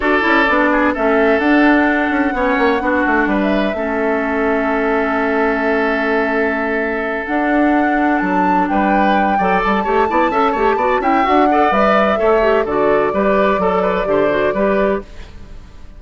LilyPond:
<<
  \new Staff \with { instrumentName = "flute" } { \time 4/4 \tempo 4 = 128 d''2 e''4 fis''4~ | fis''2.~ fis''16 e''8.~ | e''1~ | e''2.~ e''8 fis''8~ |
fis''4. a''4 g''4.~ | g''8 a''2. g''8 | fis''4 e''2 d''4~ | d''1 | }
  \new Staff \with { instrumentName = "oboe" } { \time 4/4 a'4. gis'8 a'2~ | a'4 cis''4 fis'4 b'4 | a'1~ | a'1~ |
a'2~ a'8 b'4. | d''4 cis''8 d''8 e''8 cis''8 d''8 e''8~ | e''8 d''4. cis''4 a'4 | b'4 a'8 b'8 c''4 b'4 | }
  \new Staff \with { instrumentName = "clarinet" } { \time 4/4 fis'8 e'8 d'4 cis'4 d'4~ | d'4 cis'4 d'2 | cis'1~ | cis'2.~ cis'8 d'8~ |
d'1 | a'4 g'8 e'8 a'8 g'8 fis'8 e'8 | fis'8 a'8 b'4 a'8 g'8 fis'4 | g'4 a'4 g'8 fis'8 g'4 | }
  \new Staff \with { instrumentName = "bassoon" } { \time 4/4 d'8 cis'8 b4 a4 d'4~ | d'8 cis'8 b8 ais8 b8 a8 g4 | a1~ | a2.~ a8 d'8~ |
d'4. fis4 g4. | fis8 g8 a8 b8 cis'8 a8 b8 cis'8 | d'4 g4 a4 d4 | g4 fis4 d4 g4 | }
>>